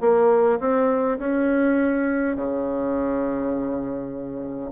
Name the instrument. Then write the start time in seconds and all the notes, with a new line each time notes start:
bassoon
0.00 A#3
0.59 C4
1.19 C#4
2.36 C#3